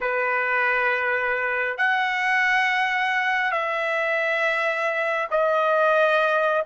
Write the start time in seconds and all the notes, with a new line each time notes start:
0.00 B4
1.77 F#5
3.51 E5
5.31 D#5